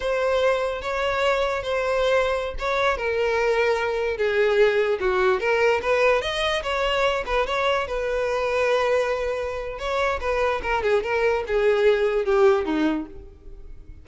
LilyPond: \new Staff \with { instrumentName = "violin" } { \time 4/4 \tempo 4 = 147 c''2 cis''2 | c''2~ c''16 cis''4 ais'8.~ | ais'2~ ais'16 gis'4.~ gis'16~ | gis'16 fis'4 ais'4 b'4 dis''8.~ |
dis''16 cis''4. b'8 cis''4 b'8.~ | b'1 | cis''4 b'4 ais'8 gis'8 ais'4 | gis'2 g'4 dis'4 | }